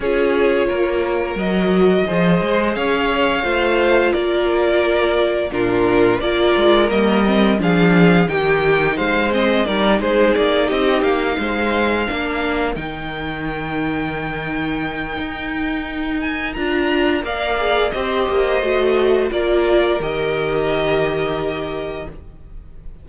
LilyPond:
<<
  \new Staff \with { instrumentName = "violin" } { \time 4/4 \tempo 4 = 87 cis''2 dis''2 | f''2 d''2 | ais'4 d''4 dis''4 f''4 | g''4 f''8 dis''8 d''8 c''8 d''8 dis''8 |
f''2~ f''8 g''4.~ | g''2.~ g''8 gis''8 | ais''4 f''4 dis''2 | d''4 dis''2. | }
  \new Staff \with { instrumentName = "violin" } { \time 4/4 gis'4 ais'2 c''4 | cis''4 c''4 ais'2 | f'4 ais'2 gis'4 | g'4 c''4 ais'8 gis'4 g'8~ |
g'8 c''4 ais'2~ ais'8~ | ais'1~ | ais'4 d''4 c''2 | ais'1 | }
  \new Staff \with { instrumentName = "viola" } { \time 4/4 f'2 fis'4 gis'4~ | gis'4 f'2. | d'4 f'4 ais8 c'8 d'4 | dis'4. c'8 dis'2~ |
dis'4. d'4 dis'4.~ | dis'1 | f'4 ais'8 gis'8 g'4 fis'4 | f'4 g'2. | }
  \new Staff \with { instrumentName = "cello" } { \time 4/4 cis'4 ais4 fis4 f8 gis8 | cis'4 a4 ais2 | ais,4 ais8 gis8 g4 f4 | dis4 gis4 g8 gis8 ais8 c'8 |
ais8 gis4 ais4 dis4.~ | dis2 dis'2 | d'4 ais4 c'8 ais8 a4 | ais4 dis2. | }
>>